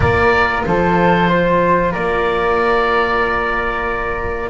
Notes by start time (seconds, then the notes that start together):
0.00 A#3 F4 A#4 D5
0.65 F3 A4 C5
1.28 C5
1.91 A#3 A#4 D5